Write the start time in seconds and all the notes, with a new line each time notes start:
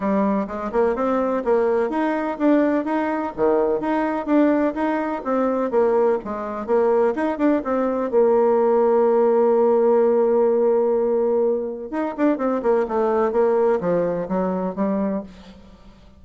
0.00 G3
0.47 G#3
0.71 A#3
0.95 C4
1.44 A#3
1.89 D#4
2.38 D4
2.84 D#4
3.36 D#3
3.80 D#4
4.26 D4
4.74 D#4
5.24 C4
5.71 A#3
6.24 G#3
6.66 A#3
7.15 D#4
7.38 D4
7.64 C4
8.10 A#3
11.90 D#4
12.17 D4
12.37 C4
12.62 A#3
12.88 A3
13.32 A#3
13.80 F3
14.28 F#3
14.75 G3